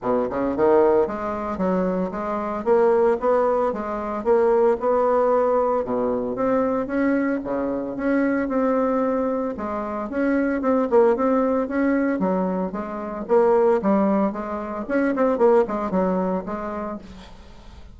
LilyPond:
\new Staff \with { instrumentName = "bassoon" } { \time 4/4 \tempo 4 = 113 b,8 cis8 dis4 gis4 fis4 | gis4 ais4 b4 gis4 | ais4 b2 b,4 | c'4 cis'4 cis4 cis'4 |
c'2 gis4 cis'4 | c'8 ais8 c'4 cis'4 fis4 | gis4 ais4 g4 gis4 | cis'8 c'8 ais8 gis8 fis4 gis4 | }